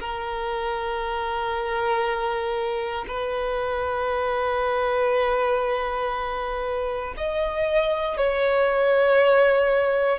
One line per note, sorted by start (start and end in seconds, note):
0.00 3.05 A#4
3.08 7.15 B4
7.17 8.17 D#5
8.17 10.19 C#5